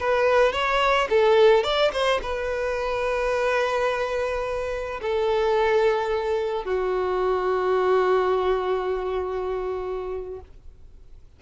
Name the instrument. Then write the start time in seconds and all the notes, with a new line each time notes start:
violin
0.00 B4
0.53 C#5
1.10 A4
1.64 D5
1.93 C5
2.22 B4
5.02 A4
6.65 F#4